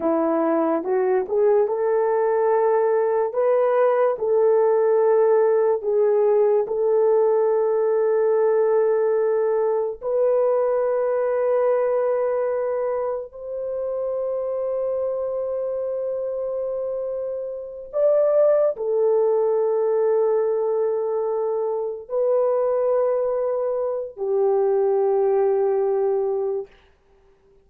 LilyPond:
\new Staff \with { instrumentName = "horn" } { \time 4/4 \tempo 4 = 72 e'4 fis'8 gis'8 a'2 | b'4 a'2 gis'4 | a'1 | b'1 |
c''1~ | c''4. d''4 a'4.~ | a'2~ a'8 b'4.~ | b'4 g'2. | }